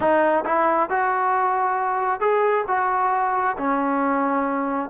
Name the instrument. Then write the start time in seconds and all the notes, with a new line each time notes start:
trombone
0.00 D#4
0.45 E4
0.89 F#4
2.20 G#4
2.67 F#4
3.57 C#4